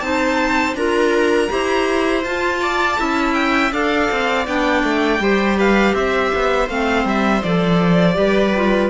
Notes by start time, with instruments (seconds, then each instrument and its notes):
0.00 cello C4, clarinet D#4, viola C5, violin A5
0.74 cello D4, clarinet F4, viola A#4, violin A#5
1.48 cello E4, clarinet G4, viola C5
2.23 cello F4, clarinet F4, violin A5
2.61 viola D5
2.96 cello C#4, clarinet E4, viola E5
3.33 violin G5
3.72 cello D4, clarinet A4, viola D5, violin F5
4.10 cello C4
4.46 cello B3, clarinet D4, violin G5
4.83 cello A3
5.19 cello G3, clarinet G4, viola C5
5.58 viola B4, violin F5
5.94 cello C4, viola C5, violin E5
6.34 cello B3
6.68 cello A3, clarinet C4, violin F5
7.04 cello G3, violin E5
7.42 cello F3, clarinet A4, violin D5
8.14 cello G3, clarinet G4, viola B4
8.55 clarinet F4